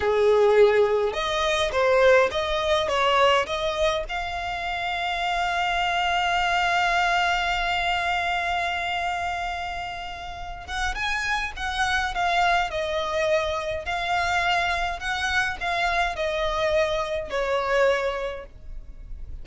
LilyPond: \new Staff \with { instrumentName = "violin" } { \time 4/4 \tempo 4 = 104 gis'2 dis''4 c''4 | dis''4 cis''4 dis''4 f''4~ | f''1~ | f''1~ |
f''2~ f''8 fis''8 gis''4 | fis''4 f''4 dis''2 | f''2 fis''4 f''4 | dis''2 cis''2 | }